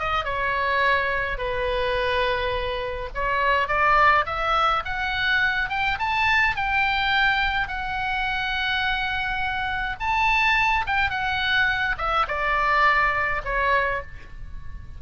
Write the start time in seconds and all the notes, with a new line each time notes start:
0.00 D#5
0.25 C#5
1.38 B4
3.15 C#5
3.68 D5
4.26 E5
4.85 F#5
5.70 G5
6.00 A5
6.56 G5
7.68 F#5
10.00 A5
10.87 G5
11.11 F#5
11.98 E5
12.28 D5
13.45 C#5